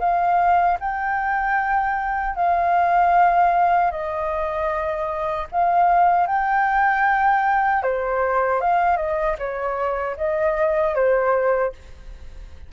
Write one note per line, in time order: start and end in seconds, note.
0.00 0.78 F5
0.81 2.36 G5
2.36 3.92 F5
3.92 5.48 D#5
5.52 6.27 F5
6.27 7.83 G5
7.83 8.61 C5
8.61 8.98 F5
8.98 9.36 D#5
9.39 10.17 C#5
10.17 10.95 D#5
10.95 11.73 C5